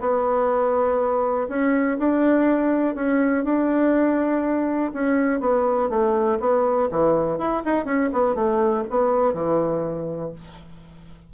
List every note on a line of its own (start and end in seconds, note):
0.00 1.48 B3
1.48 1.97 C#4
1.98 2.95 D4
2.95 3.44 C#4
3.44 4.92 D4
4.93 5.40 C#4
5.40 5.89 B3
5.89 6.38 A3
6.40 6.89 B3
6.91 7.38 E3
7.38 7.63 E4
7.65 7.85 D#4
7.85 8.09 C#4
8.12 8.35 B3
8.35 8.84 A3
8.89 9.33 B3
9.33 10.32 E3